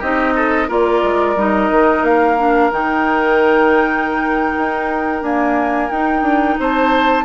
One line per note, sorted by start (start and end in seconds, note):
0.00 0.69 C4
0.00 0.69 D#4
0.00 0.34 G4
0.00 0.69 D#5
0.36 0.68 A4
0.68 1.03 A#3
0.68 1.36 F4
0.68 6.58 A#4
0.68 1.39 D5
1.03 1.36 G#3
1.36 1.70 G3
1.36 2.38 D#4
1.36 2.04 D#5
1.71 2.03 D#3
2.03 2.70 A#3
2.03 2.71 F5
2.38 2.71 D4
2.71 4.56 D#3
2.71 5.24 D#4
2.71 5.23 G5
4.58 5.22 D#4
5.22 5.91 A#3
5.22 5.89 D4
5.22 5.90 G#5
5.90 6.22 D#4
5.90 7.25 D#4
5.90 6.58 G5
6.22 6.56 D4
6.59 7.25 C4
6.59 7.25 C5
6.59 7.25 A5